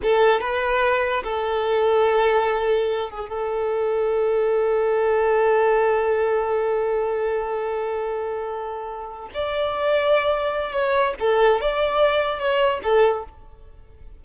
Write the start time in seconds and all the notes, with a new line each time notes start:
0.02 A4
0.40 B4
1.23 A4
3.09 G#4
3.29 A4
9.34 D5
10.72 C#5
11.19 A4
11.60 D5
12.39 C#5
12.83 A4